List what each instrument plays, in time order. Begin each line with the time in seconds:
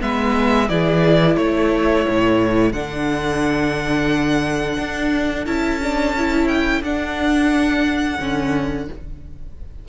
0.00 cello G#3, viola B3, violin B4 E5
0.69 cello E3, viola E4, violin G#4 D5
1.36 cello A3, violin A4 C#5
2.08 cello A2
2.72 cello D3, viola D4, violin F#5
4.78 cello D4
5.46 cello C#4, viola E4, violin A5
5.83 viola D4
6.17 viola E4
6.48 violin G5
6.82 cello D4, viola D4, violin F#5
8.19 cello D3, viola C#4